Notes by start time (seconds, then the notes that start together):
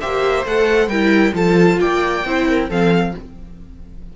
0.00 A#3 G4 C5 E5
0.45 A3 A4 F#5
0.87 G3 E4 A#4 G5
1.33 F3 F4 A4 A5
1.80 A#3 D5 G5
2.24 C4 E4 C5
2.49 A#4
2.69 F3 C4 A4 F5